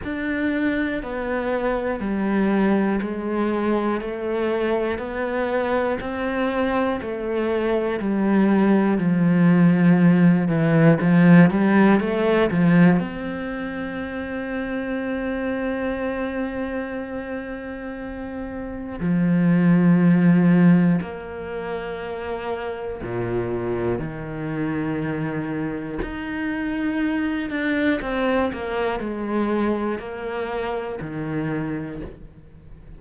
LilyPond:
\new Staff \with { instrumentName = "cello" } { \time 4/4 \tempo 4 = 60 d'4 b4 g4 gis4 | a4 b4 c'4 a4 | g4 f4. e8 f8 g8 | a8 f8 c'2.~ |
c'2. f4~ | f4 ais2 ais,4 | dis2 dis'4. d'8 | c'8 ais8 gis4 ais4 dis4 | }